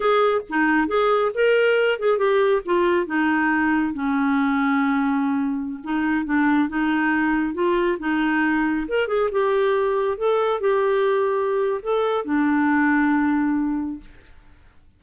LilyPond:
\new Staff \with { instrumentName = "clarinet" } { \time 4/4 \tempo 4 = 137 gis'4 dis'4 gis'4 ais'4~ | ais'8 gis'8 g'4 f'4 dis'4~ | dis'4 cis'2.~ | cis'4~ cis'16 dis'4 d'4 dis'8.~ |
dis'4~ dis'16 f'4 dis'4.~ dis'16~ | dis'16 ais'8 gis'8 g'2 a'8.~ | a'16 g'2~ g'8. a'4 | d'1 | }